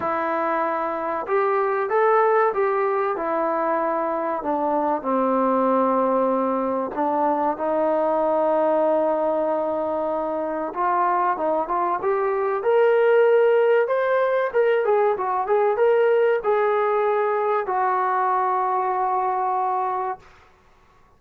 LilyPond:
\new Staff \with { instrumentName = "trombone" } { \time 4/4 \tempo 4 = 95 e'2 g'4 a'4 | g'4 e'2 d'4 | c'2. d'4 | dis'1~ |
dis'4 f'4 dis'8 f'8 g'4 | ais'2 c''4 ais'8 gis'8 | fis'8 gis'8 ais'4 gis'2 | fis'1 | }